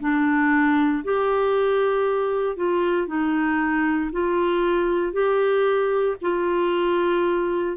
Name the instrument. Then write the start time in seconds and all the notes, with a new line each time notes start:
clarinet
0.00 D4
1.04 G4
2.56 F4
3.07 D#4
4.12 F4
5.13 G4
6.22 F4